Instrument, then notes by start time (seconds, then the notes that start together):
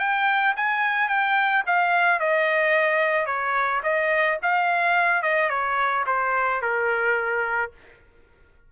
trumpet
0.00 G5
0.57 G#5
1.09 G5
1.67 F5
2.20 D#5
3.27 C#5
3.84 D#5
4.43 F5
5.22 D#5
5.50 C#5
6.07 C5
6.62 A#4